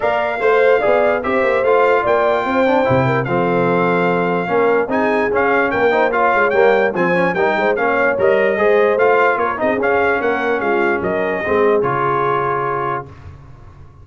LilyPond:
<<
  \new Staff \with { instrumentName = "trumpet" } { \time 4/4 \tempo 4 = 147 f''2. e''4 | f''4 g''2. | f''1 | gis''4 f''4 g''4 f''4 |
g''4 gis''4 g''4 f''4 | dis''2 f''4 cis''8 dis''8 | f''4 fis''4 f''4 dis''4~ | dis''4 cis''2. | }
  \new Staff \with { instrumentName = "horn" } { \time 4/4 d''4 c''4 d''4 c''4~ | c''4 d''4 c''4. ais'8 | a'2. ais'4 | gis'2 ais'8 c''8 cis''4~ |
cis''4 c''4 ais'8 c''8 cis''4~ | cis''4 c''2 ais'8 gis'8~ | gis'4 ais'4 f'4 ais'4 | gis'1 | }
  \new Staff \with { instrumentName = "trombone" } { \time 4/4 ais'4 c''4 gis'4 g'4 | f'2~ f'8 d'8 e'4 | c'2. cis'4 | dis'4 cis'4. dis'8 f'4 |
ais4 c'8 cis'8 dis'4 cis'4 | ais'4 gis'4 f'4. dis'8 | cis'1 | c'4 f'2. | }
  \new Staff \with { instrumentName = "tuba" } { \time 4/4 ais4 a4 b4 c'8 ais8 | a4 ais4 c'4 c4 | f2. ais4 | c'4 cis'4 ais4. gis8 |
g4 f4 g8 gis8 ais4 | g4 gis4 a4 ais8 c'8 | cis'4 ais4 gis4 fis4 | gis4 cis2. | }
>>